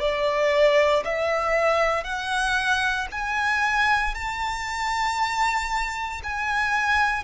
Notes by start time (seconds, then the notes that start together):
0.00 D5
1.05 E5
2.04 F#5
3.12 G#5
4.15 A5
6.24 G#5